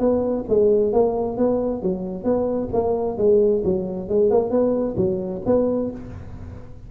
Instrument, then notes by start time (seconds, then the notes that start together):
tuba
0.00 B3
0.49 G#3
0.93 A#3
1.37 B3
1.83 F#3
2.24 B3
2.73 A#3
3.18 G#3
3.65 F#3
4.09 G#3
4.31 A#3
4.51 B3
4.97 F#3
5.46 B3